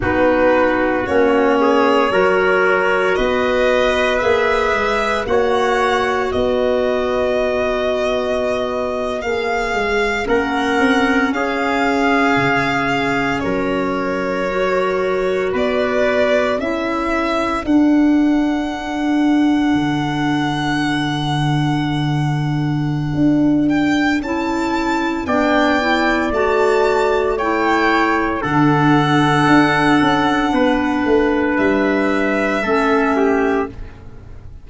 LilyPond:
<<
  \new Staff \with { instrumentName = "violin" } { \time 4/4 \tempo 4 = 57 b'4 cis''2 dis''4 | e''4 fis''4 dis''2~ | dis''8. f''4 fis''4 f''4~ f''16~ | f''8. cis''2 d''4 e''16~ |
e''8. fis''2.~ fis''16~ | fis''2~ fis''8 g''8 a''4 | g''4 a''4 g''4 fis''4~ | fis''2 e''2 | }
  \new Staff \with { instrumentName = "trumpet" } { \time 4/4 fis'4. gis'8 ais'4 b'4~ | b'4 cis''4 b'2~ | b'4.~ b'16 ais'4 gis'4~ gis'16~ | gis'8. ais'2 b'4 a'16~ |
a'1~ | a'1 | d''2 cis''4 a'4~ | a'4 b'2 a'8 g'8 | }
  \new Staff \with { instrumentName = "clarinet" } { \time 4/4 dis'4 cis'4 fis'2 | gis'4 fis'2.~ | fis'8. gis'4 cis'2~ cis'16~ | cis'4.~ cis'16 fis'2 e'16~ |
e'8. d'2.~ d'16~ | d'2. e'4 | d'8 e'8 fis'4 e'4 d'4~ | d'2. cis'4 | }
  \new Staff \with { instrumentName = "tuba" } { \time 4/4 b4 ais4 fis4 b4 | ais8 gis8 ais4 b2~ | b8. ais8 gis8 ais8 c'8 cis'4 cis16~ | cis8. fis2 b4 cis'16~ |
cis'8. d'2 d4~ d16~ | d2 d'4 cis'4 | b4 a2 d4 | d'8 cis'8 b8 a8 g4 a4 | }
>>